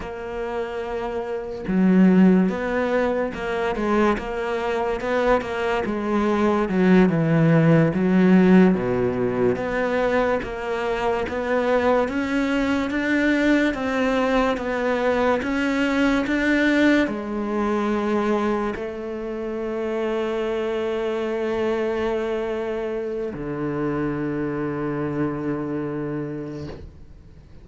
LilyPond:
\new Staff \with { instrumentName = "cello" } { \time 4/4 \tempo 4 = 72 ais2 fis4 b4 | ais8 gis8 ais4 b8 ais8 gis4 | fis8 e4 fis4 b,4 b8~ | b8 ais4 b4 cis'4 d'8~ |
d'8 c'4 b4 cis'4 d'8~ | d'8 gis2 a4.~ | a1 | d1 | }